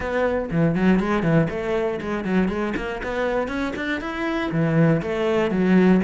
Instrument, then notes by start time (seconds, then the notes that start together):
cello
0.00 B3
0.51 E3
0.75 F#3
0.99 G#3
1.22 E3
1.50 A3
2.00 G#3
2.24 F#3
2.48 G#3
2.76 A#3
3.02 B3
3.47 C#4
3.75 D4
4.00 E4
4.51 E3
5.01 A3
5.50 F#3